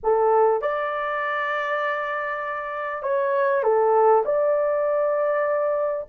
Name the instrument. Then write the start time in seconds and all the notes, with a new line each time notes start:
horn
0.03 A4
0.61 D5
3.02 C#5
3.63 A4
4.25 D5